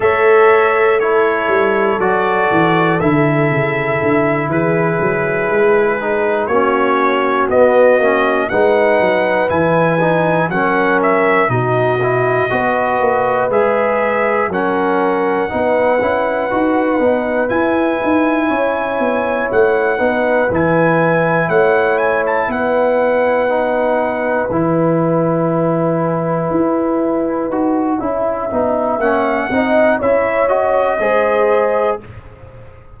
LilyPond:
<<
  \new Staff \with { instrumentName = "trumpet" } { \time 4/4 \tempo 4 = 60 e''4 cis''4 d''4 e''4~ | e''8 b'2 cis''4 dis''8~ | dis''8 fis''4 gis''4 fis''8 e''8 dis''8~ | dis''4. e''4 fis''4.~ |
fis''4. gis''2 fis''8~ | fis''8 gis''4 fis''8 gis''16 a''16 fis''4.~ | fis''8 gis''2.~ gis''8~ | gis''4 fis''4 e''8 dis''4. | }
  \new Staff \with { instrumentName = "horn" } { \time 4/4 cis''4 a'2.~ | a'8 gis'2 fis'4.~ | fis'8 b'2 ais'4 fis'8~ | fis'8 b'2 ais'4 b'8~ |
b'2~ b'8 cis''4. | b'4. cis''4 b'4.~ | b'1 | e''4. dis''8 cis''4 c''4 | }
  \new Staff \with { instrumentName = "trombone" } { \time 4/4 a'4 e'4 fis'4 e'4~ | e'2 dis'8 cis'4 b8 | cis'8 dis'4 e'8 dis'8 cis'4 dis'8 | e'8 fis'4 gis'4 cis'4 dis'8 |
e'8 fis'8 dis'8 e'2~ e'8 | dis'8 e'2. dis'8~ | dis'8 e'2. fis'8 | e'8 dis'8 cis'8 dis'8 e'8 fis'8 gis'4 | }
  \new Staff \with { instrumentName = "tuba" } { \time 4/4 a4. g8 fis8 e8 d8 cis8 | d8 e8 fis8 gis4 ais4 b8 | ais8 gis8 fis8 e4 fis4 b,8~ | b,8 b8 ais8 gis4 fis4 b8 |
cis'8 dis'8 b8 e'8 dis'8 cis'8 b8 a8 | b8 e4 a4 b4.~ | b8 e2 e'4 dis'8 | cis'8 b8 ais8 c'8 cis'4 gis4 | }
>>